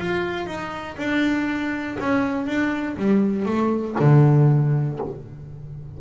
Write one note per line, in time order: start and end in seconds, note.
0.00 0.47 F4
0.47 0.97 D#4
0.98 1.97 D4
2.00 2.47 C#4
2.47 2.97 D4
2.97 3.46 G3
3.46 3.96 A3
4.00 5.00 D3